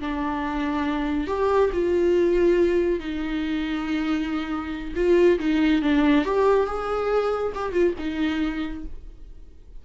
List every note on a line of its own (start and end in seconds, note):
0.00 1.28 D4
1.28 1.71 G4
1.73 3.00 F4
3.00 4.94 D#4
4.96 5.39 F4
5.40 5.82 D#4
5.82 6.25 D4
6.25 6.67 G4
6.67 7.53 G#4
7.55 7.73 G4
7.73 7.94 F4
7.99 8.85 D#4